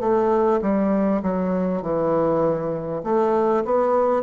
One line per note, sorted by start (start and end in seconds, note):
0.00 0.60 A3
0.62 1.22 G3
1.23 1.83 F#3
1.83 3.03 E3
3.04 3.64 A3
3.65 4.23 B3